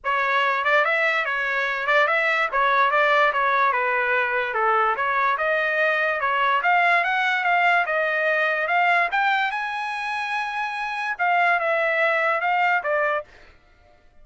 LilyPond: \new Staff \with { instrumentName = "trumpet" } { \time 4/4 \tempo 4 = 145 cis''4. d''8 e''4 cis''4~ | cis''8 d''8 e''4 cis''4 d''4 | cis''4 b'2 a'4 | cis''4 dis''2 cis''4 |
f''4 fis''4 f''4 dis''4~ | dis''4 f''4 g''4 gis''4~ | gis''2. f''4 | e''2 f''4 d''4 | }